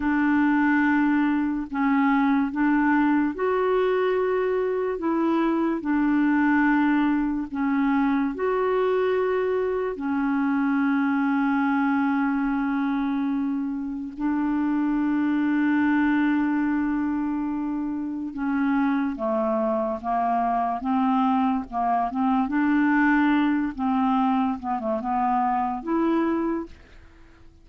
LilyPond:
\new Staff \with { instrumentName = "clarinet" } { \time 4/4 \tempo 4 = 72 d'2 cis'4 d'4 | fis'2 e'4 d'4~ | d'4 cis'4 fis'2 | cis'1~ |
cis'4 d'2.~ | d'2 cis'4 a4 | ais4 c'4 ais8 c'8 d'4~ | d'8 c'4 b16 a16 b4 e'4 | }